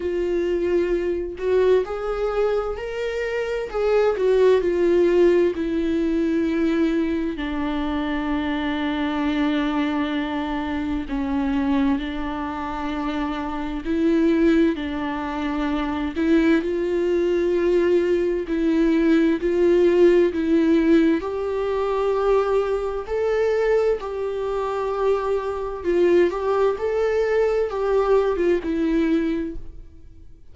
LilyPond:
\new Staff \with { instrumentName = "viola" } { \time 4/4 \tempo 4 = 65 f'4. fis'8 gis'4 ais'4 | gis'8 fis'8 f'4 e'2 | d'1 | cis'4 d'2 e'4 |
d'4. e'8 f'2 | e'4 f'4 e'4 g'4~ | g'4 a'4 g'2 | f'8 g'8 a'4 g'8. f'16 e'4 | }